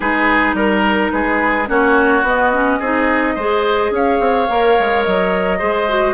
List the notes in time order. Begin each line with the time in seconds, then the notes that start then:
0.00 G#3 D#4 G#4 B4
0.53 G3 A#4
1.11 G#3 G#4 B4
1.66 A#3 C#4 F#4 C#5
2.22 B3 D#5
2.52 C#4
2.79 C4 D#4 G#4
3.34 G#3 G#4 C5
3.90 C#4 C#5 F5
4.19 C4
4.48 A#3 A#4
4.79 G#3
5.03 F#3 D#5
5.58 G#3 G#4 C5
5.88 F#4